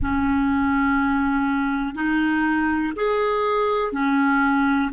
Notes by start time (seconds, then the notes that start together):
0.01 C#4
1.94 D#4
2.96 G#4
3.92 C#4